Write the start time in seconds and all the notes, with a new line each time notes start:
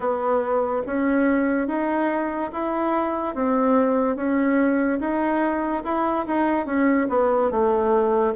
0.00 B3
0.86 C#4
1.67 D#4
2.52 E4
3.34 C4
4.16 C#4
5.00 D#4
5.84 E4
6.27 D#4
6.66 C#4
7.09 B3
7.50 A3